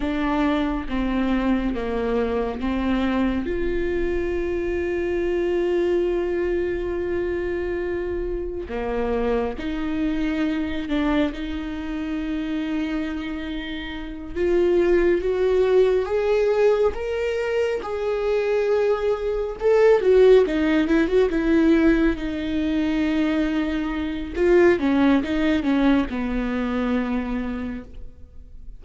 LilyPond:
\new Staff \with { instrumentName = "viola" } { \time 4/4 \tempo 4 = 69 d'4 c'4 ais4 c'4 | f'1~ | f'2 ais4 dis'4~ | dis'8 d'8 dis'2.~ |
dis'8 f'4 fis'4 gis'4 ais'8~ | ais'8 gis'2 a'8 fis'8 dis'8 | e'16 fis'16 e'4 dis'2~ dis'8 | f'8 cis'8 dis'8 cis'8 b2 | }